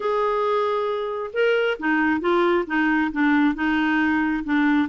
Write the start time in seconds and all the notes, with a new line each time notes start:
0.00 G#4
1.33 A#4
1.79 D#4
2.20 F4
2.66 D#4
3.12 D4
3.54 D#4
4.43 D4